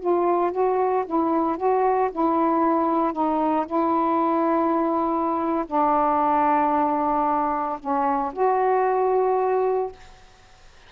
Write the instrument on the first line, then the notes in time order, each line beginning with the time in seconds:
saxophone
0.00 F4
0.52 F#4
1.06 E4
1.57 F#4
2.12 E4
3.13 D#4
3.66 E4
5.67 D4
7.80 C#4
8.33 F#4